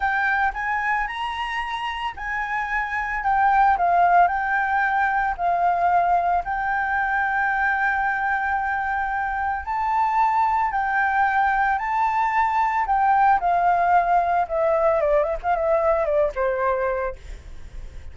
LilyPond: \new Staff \with { instrumentName = "flute" } { \time 4/4 \tempo 4 = 112 g''4 gis''4 ais''2 | gis''2 g''4 f''4 | g''2 f''2 | g''1~ |
g''2 a''2 | g''2 a''2 | g''4 f''2 e''4 | d''8 e''16 f''16 e''4 d''8 c''4. | }